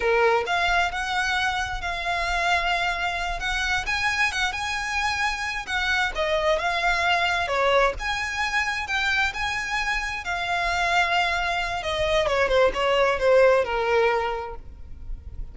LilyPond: \new Staff \with { instrumentName = "violin" } { \time 4/4 \tempo 4 = 132 ais'4 f''4 fis''2 | f''2.~ f''8 fis''8~ | fis''8 gis''4 fis''8 gis''2~ | gis''8 fis''4 dis''4 f''4.~ |
f''8 cis''4 gis''2 g''8~ | g''8 gis''2 f''4.~ | f''2 dis''4 cis''8 c''8 | cis''4 c''4 ais'2 | }